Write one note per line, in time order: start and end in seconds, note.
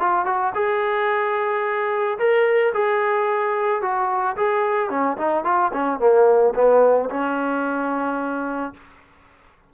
0.00 0.26 F4
0.26 0.53 F#4
0.55 2.18 G#4
2.18 2.73 A#4
2.74 3.82 G#4
3.82 4.36 F#4
4.37 4.90 G#4
4.90 5.17 C#4
5.18 5.44 D#4
5.44 5.71 F4
5.73 6.00 C#4
6.00 6.54 A#3
6.55 7.10 B3
7.10 8.74 C#4